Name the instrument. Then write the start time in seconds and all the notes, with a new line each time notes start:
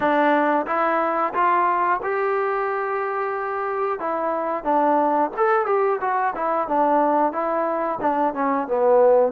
trombone
0.00 D4
0.66 E4
1.33 F4
2.02 G4
3.99 E4
4.63 D4
5.36 A4
5.66 G4
6.00 F#4
6.35 E4
6.68 D4
7.32 E4
8.00 D4
8.34 C#4
8.67 B3